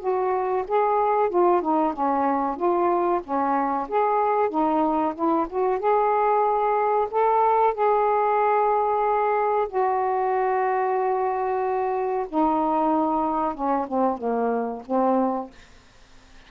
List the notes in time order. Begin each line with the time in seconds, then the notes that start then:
0.00 F#4
0.68 G#4
1.30 F4
1.62 D#4
1.94 C#4
2.57 F4
3.24 C#4
3.89 G#4
4.50 D#4
5.15 E4
5.50 F#4
5.79 G#4
7.11 A4
7.74 G#4
9.69 F#4
12.29 D#4
13.55 C#4
13.88 C4
14.18 A#3
14.87 C4